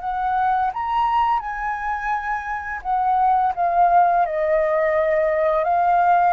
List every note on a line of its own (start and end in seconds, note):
0.00 0.71 F#5
0.73 1.40 A#5
1.40 2.81 G#5
2.82 3.53 F#5
3.55 4.25 F5
4.25 5.64 D#5
5.64 6.33 F5